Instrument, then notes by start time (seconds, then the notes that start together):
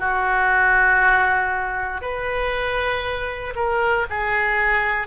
oboe
0.00 F#4
2.02 B4
3.55 A#4
4.10 G#4